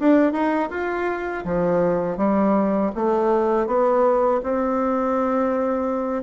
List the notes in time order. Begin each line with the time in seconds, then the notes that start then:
0.00 D4
0.33 D#4
0.70 F4
1.45 F3
2.18 G3
2.96 A3
3.67 B3
4.44 C4